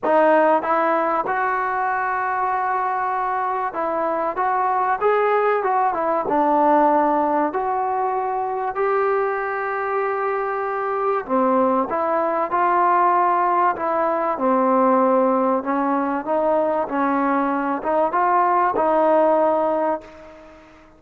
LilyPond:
\new Staff \with { instrumentName = "trombone" } { \time 4/4 \tempo 4 = 96 dis'4 e'4 fis'2~ | fis'2 e'4 fis'4 | gis'4 fis'8 e'8 d'2 | fis'2 g'2~ |
g'2 c'4 e'4 | f'2 e'4 c'4~ | c'4 cis'4 dis'4 cis'4~ | cis'8 dis'8 f'4 dis'2 | }